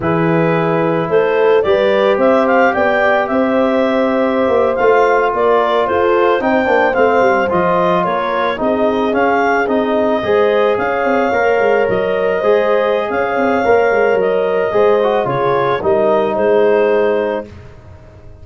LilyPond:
<<
  \new Staff \with { instrumentName = "clarinet" } { \time 4/4 \tempo 4 = 110 b'2 c''4 d''4 | e''8 f''8 g''4 e''2~ | e''8. f''4 d''4 c''4 g''16~ | g''8. f''4 dis''4 cis''4 dis''16~ |
dis''8. f''4 dis''2 f''16~ | f''4.~ f''16 dis''2~ dis''16 | f''2 dis''2 | cis''4 dis''4 c''2 | }
  \new Staff \with { instrumentName = "horn" } { \time 4/4 gis'2 a'4 b'4 | c''4 d''4 c''2~ | c''4.~ c''16 ais'4 a'4 c''16~ | c''2~ c''8. ais'4 gis'16~ |
gis'2~ gis'8. c''4 cis''16~ | cis''2~ cis''8. c''4~ c''16 | cis''2. c''4 | gis'4 ais'4 gis'2 | }
  \new Staff \with { instrumentName = "trombone" } { \time 4/4 e'2. g'4~ | g'1~ | g'8. f'2. dis'16~ | dis'16 d'8 c'4 f'2 dis'16~ |
dis'8. cis'4 dis'4 gis'4~ gis'16~ | gis'8. ais'2 gis'4~ gis'16~ | gis'4 ais'2 gis'8 fis'8 | f'4 dis'2. | }
  \new Staff \with { instrumentName = "tuba" } { \time 4/4 e2 a4 g4 | c'4 b4 c'2~ | c'16 ais8 a4 ais4 f'4 c'16~ | c'16 ais8 a8 g8 f4 ais4 c'16~ |
c'8. cis'4 c'4 gis4 cis'16~ | cis'16 c'8 ais8 gis8 fis4 gis4~ gis16 | cis'8 c'8 ais8 gis8 fis4 gis4 | cis4 g4 gis2 | }
>>